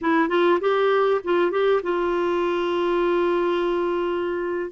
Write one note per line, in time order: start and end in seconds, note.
0.01 0.28 E4
0.28 0.59 F4
0.60 1.21 G4
1.23 1.51 F4
1.51 1.81 G4
1.83 4.71 F4